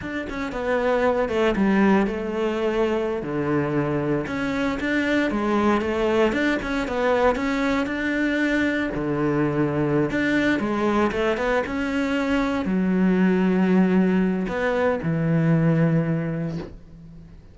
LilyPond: \new Staff \with { instrumentName = "cello" } { \time 4/4 \tempo 4 = 116 d'8 cis'8 b4. a8 g4 | a2~ a16 d4.~ d16~ | d16 cis'4 d'4 gis4 a8.~ | a16 d'8 cis'8 b4 cis'4 d'8.~ |
d'4~ d'16 d2~ d16 d'8~ | d'8 gis4 a8 b8 cis'4.~ | cis'8 fis2.~ fis8 | b4 e2. | }